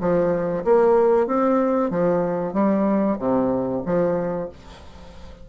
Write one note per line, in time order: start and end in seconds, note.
0.00 0.64 F3
0.64 1.27 A#3
1.27 1.90 C4
1.90 2.53 F3
2.53 3.17 G3
3.19 3.82 C3
3.85 4.49 F3